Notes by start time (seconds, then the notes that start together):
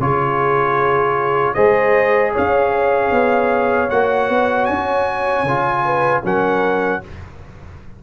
0.00 C#3 F4 G#4 C#5
1.54 G#3 G#4 C5 D#5
2.33 C#4 C#5 F5
3.12 B3
3.91 A#3 F#4 F#5
4.30 B3
4.66 C#4 G#5
5.44 C#3 F4
5.85 B4
6.24 F#3 C#4 A#4 F#5